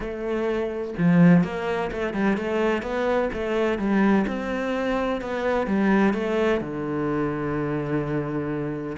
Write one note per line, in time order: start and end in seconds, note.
0.00 0.94 A3
0.98 1.43 F3
1.43 1.90 A#3
1.92 2.13 A3
2.13 2.37 G3
2.37 2.82 A3
2.82 3.29 B3
3.33 3.78 A3
3.78 4.25 G3
4.27 5.21 C4
5.21 5.66 B3
5.66 6.13 G3
6.13 6.60 A3
6.60 8.96 D3